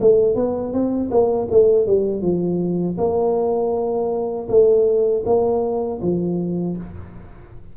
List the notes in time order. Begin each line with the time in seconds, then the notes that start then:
0.00 A3
0.35 B3
0.72 C4
1.10 A#3
1.51 A3
1.86 G3
2.21 F3
2.97 A#3
4.49 A3
5.25 A#3
6.01 F3